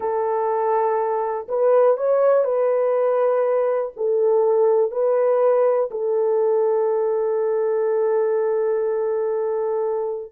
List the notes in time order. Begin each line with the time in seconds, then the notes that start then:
0.00 A4
1.48 B4
1.97 C#5
2.44 B4
3.96 A4
4.91 B4
5.91 A4